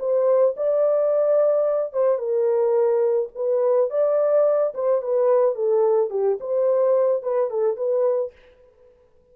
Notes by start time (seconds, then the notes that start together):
0.00 C5
0.57 D5
1.93 C5
2.18 A#4
3.35 B4
3.91 D5
4.75 C5
5.02 B4
5.55 A4
6.11 G4
6.40 C5
7.23 B4
7.51 A4
7.77 B4